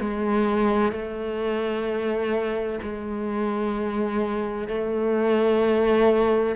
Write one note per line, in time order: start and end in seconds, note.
0.00 0.92 G#3
0.92 2.80 A3
2.83 4.69 G#3
4.69 6.56 A3